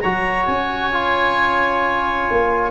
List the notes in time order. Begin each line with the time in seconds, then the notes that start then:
0.00 F#3 F#4 C#5 A#5
0.45 C#4 G#5
0.92 F4
2.30 A#3